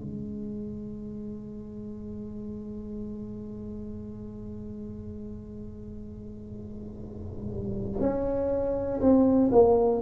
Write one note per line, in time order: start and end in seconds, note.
0.00 8.00 G#3
8.00 9.00 C#4
9.01 9.51 C4
9.51 10.01 A#3